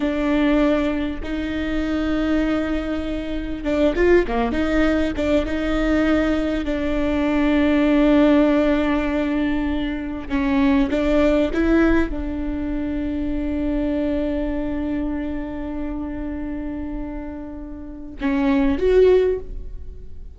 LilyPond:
\new Staff \with { instrumentName = "viola" } { \time 4/4 \tempo 4 = 99 d'2 dis'2~ | dis'2 d'8 f'8 ais8 dis'8~ | dis'8 d'8 dis'2 d'4~ | d'1~ |
d'4 cis'4 d'4 e'4 | d'1~ | d'1~ | d'2 cis'4 fis'4 | }